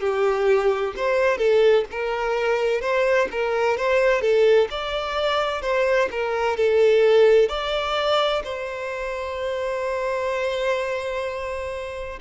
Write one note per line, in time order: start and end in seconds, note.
0.00 0.94 G4
0.96 1.37 C5
1.37 1.84 A4
1.91 2.81 A#4
2.81 3.28 C5
3.31 3.77 A#4
3.77 4.21 C5
4.21 4.68 A4
4.70 5.62 D5
5.62 6.09 C5
6.11 6.57 A#4
6.57 7.48 A4
7.48 8.42 D5
8.44 12.19 C5